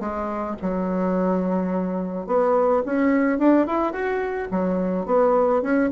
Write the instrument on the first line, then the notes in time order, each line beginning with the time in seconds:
bassoon
0.00 G#3
0.62 F#3
2.27 B3
2.85 C#4
3.39 D4
3.67 E4
3.93 F#4
4.51 F#3
5.06 B3
5.62 C#4